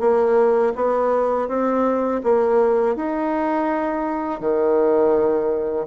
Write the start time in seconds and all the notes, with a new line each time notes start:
0.00 A#3
0.75 B3
1.48 C4
2.24 A#3
2.96 D#4
4.40 D#3